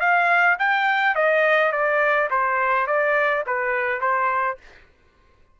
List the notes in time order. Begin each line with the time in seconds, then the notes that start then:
0.00 F5
0.59 G5
1.15 D#5
1.72 D5
2.30 C5
2.87 D5
3.46 B4
4.01 C5